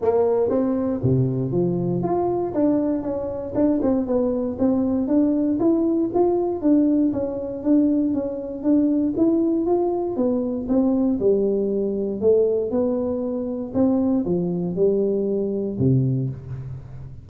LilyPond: \new Staff \with { instrumentName = "tuba" } { \time 4/4 \tempo 4 = 118 ais4 c'4 c4 f4 | f'4 d'4 cis'4 d'8 c'8 | b4 c'4 d'4 e'4 | f'4 d'4 cis'4 d'4 |
cis'4 d'4 e'4 f'4 | b4 c'4 g2 | a4 b2 c'4 | f4 g2 c4 | }